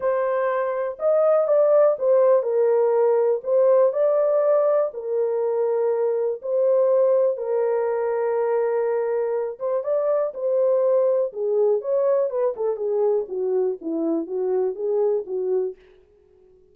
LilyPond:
\new Staff \with { instrumentName = "horn" } { \time 4/4 \tempo 4 = 122 c''2 dis''4 d''4 | c''4 ais'2 c''4 | d''2 ais'2~ | ais'4 c''2 ais'4~ |
ais'2.~ ais'8 c''8 | d''4 c''2 gis'4 | cis''4 b'8 a'8 gis'4 fis'4 | e'4 fis'4 gis'4 fis'4 | }